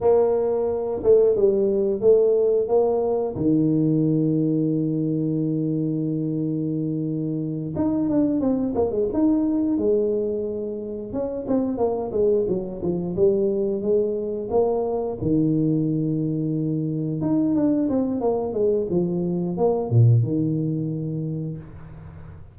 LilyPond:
\new Staff \with { instrumentName = "tuba" } { \time 4/4 \tempo 4 = 89 ais4. a8 g4 a4 | ais4 dis2.~ | dis2.~ dis8 dis'8 | d'8 c'8 ais16 gis16 dis'4 gis4.~ |
gis8 cis'8 c'8 ais8 gis8 fis8 f8 g8~ | g8 gis4 ais4 dis4.~ | dis4. dis'8 d'8 c'8 ais8 gis8 | f4 ais8 ais,8 dis2 | }